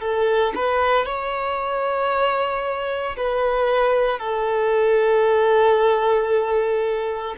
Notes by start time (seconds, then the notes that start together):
0.00 A4
0.55 B4
1.06 C#5
3.16 B4
4.19 A4